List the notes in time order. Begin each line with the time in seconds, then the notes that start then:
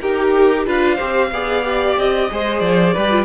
0.00 D#4 G4 A#4
0.66 D4 F4 B4 F5
0.95 C4 G4 C5
1.31 B3 G#4 D5
1.64 G4
1.97 C4 D#5
2.31 G#3 G#4 C5
2.60 F3 D5
2.93 G3 G4 B4
3.11 F4